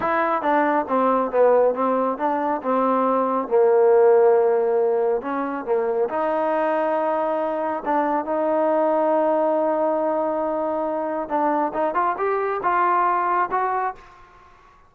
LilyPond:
\new Staff \with { instrumentName = "trombone" } { \time 4/4 \tempo 4 = 138 e'4 d'4 c'4 b4 | c'4 d'4 c'2 | ais1 | cis'4 ais4 dis'2~ |
dis'2 d'4 dis'4~ | dis'1~ | dis'2 d'4 dis'8 f'8 | g'4 f'2 fis'4 | }